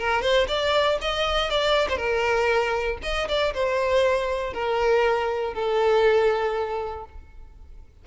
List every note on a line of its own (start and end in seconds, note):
0.00 0.22 A#4
0.22 0.47 C5
0.48 0.99 D5
1.02 1.51 D#5
1.51 1.88 D5
1.90 1.98 C5
1.98 2.98 A#4
3.03 3.28 D#5
3.28 3.54 D5
3.54 4.54 C5
4.54 5.54 A#4
5.54 7.05 A4